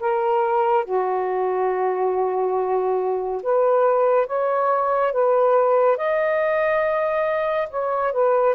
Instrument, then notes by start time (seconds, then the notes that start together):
saxophone
0.00 A#4
0.85 F#4
3.42 B4
4.27 C#5
5.12 B4
5.97 D#5
7.70 C#5
8.12 B4